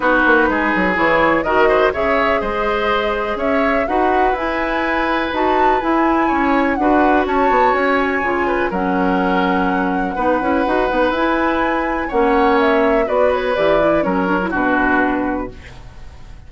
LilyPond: <<
  \new Staff \with { instrumentName = "flute" } { \time 4/4 \tempo 4 = 124 b'2 cis''4 dis''4 | e''4 dis''2 e''4 | fis''4 gis''2 a''4 | gis''2 fis''4 a''4 |
gis''2 fis''2~ | fis''2. gis''4~ | gis''4 fis''4 e''4 d''8 cis''8 | d''4 cis''4 b'2 | }
  \new Staff \with { instrumentName = "oboe" } { \time 4/4 fis'4 gis'2 ais'8 c''8 | cis''4 c''2 cis''4 | b'1~ | b'4 cis''4 b'4 cis''4~ |
cis''4. b'8 ais'2~ | ais'4 b'2.~ | b'4 cis''2 b'4~ | b'4 ais'4 fis'2 | }
  \new Staff \with { instrumentName = "clarinet" } { \time 4/4 dis'2 e'4 fis'4 | gis'1 | fis'4 e'2 fis'4 | e'2 fis'2~ |
fis'4 f'4 cis'2~ | cis'4 dis'8 e'8 fis'8 dis'8 e'4~ | e'4 cis'2 fis'4 | g'8 e'8 cis'8 d'16 e'16 d'2 | }
  \new Staff \with { instrumentName = "bassoon" } { \time 4/4 b8 ais8 gis8 fis8 e4 dis4 | cis4 gis2 cis'4 | dis'4 e'2 dis'4 | e'4 cis'4 d'4 cis'8 b8 |
cis'4 cis4 fis2~ | fis4 b8 cis'8 dis'8 b8 e'4~ | e'4 ais2 b4 | e4 fis4 b,2 | }
>>